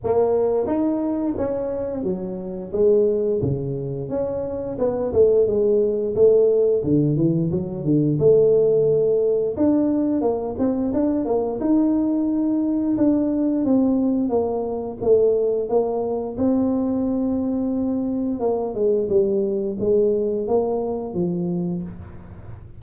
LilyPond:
\new Staff \with { instrumentName = "tuba" } { \time 4/4 \tempo 4 = 88 ais4 dis'4 cis'4 fis4 | gis4 cis4 cis'4 b8 a8 | gis4 a4 d8 e8 fis8 d8 | a2 d'4 ais8 c'8 |
d'8 ais8 dis'2 d'4 | c'4 ais4 a4 ais4 | c'2. ais8 gis8 | g4 gis4 ais4 f4 | }